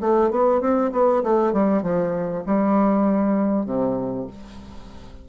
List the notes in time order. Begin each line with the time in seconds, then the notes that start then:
0.00 A3
0.30 B3
0.60 C4
0.92 B3
1.23 A3
1.53 G3
1.82 F3
2.45 G3
3.65 C3